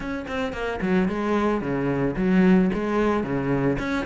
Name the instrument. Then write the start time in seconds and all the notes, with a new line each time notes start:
cello
0.00 C#4
0.27 C4
0.52 A#3
0.81 F#3
1.08 G#3
1.61 C#3
2.16 F#3
2.73 G#3
3.23 C#3
3.78 C#4